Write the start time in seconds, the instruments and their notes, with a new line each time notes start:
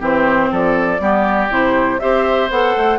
0.00 bassoon E3, clarinet C4, oboe G4, flute C5
0.52 bassoon F3, oboe A4, flute D5
1.00 bassoon G3, clarinet B3, oboe G4
1.50 bassoon C3, clarinet E4, flute C5
2.00 bassoon C4, clarinet G4, oboe C5, flute E5
2.51 bassoon B3, clarinet A4, flute F#5
2.77 bassoon A3